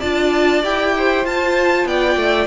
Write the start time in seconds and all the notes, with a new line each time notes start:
0.00 D4 F4 D5 A5
0.63 E4 G4 G5
0.98 C5
1.25 F4 A5
1.85 B3 D5 G5
2.16 A3